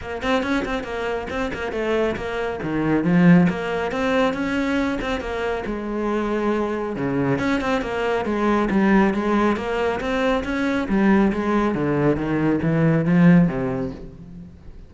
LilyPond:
\new Staff \with { instrumentName = "cello" } { \time 4/4 \tempo 4 = 138 ais8 c'8 cis'8 c'8 ais4 c'8 ais8 | a4 ais4 dis4 f4 | ais4 c'4 cis'4. c'8 | ais4 gis2. |
cis4 cis'8 c'8 ais4 gis4 | g4 gis4 ais4 c'4 | cis'4 g4 gis4 d4 | dis4 e4 f4 c4 | }